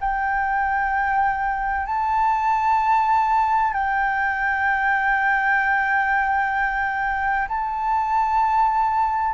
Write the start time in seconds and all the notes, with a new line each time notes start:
0.00 G5
1.86 A5
3.72 G5
7.48 A5